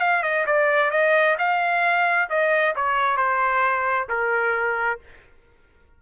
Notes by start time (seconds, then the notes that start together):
0.00 F5
0.23 D#5
0.46 D5
0.91 D#5
1.38 F5
2.30 D#5
2.76 C#5
3.17 C5
4.09 A#4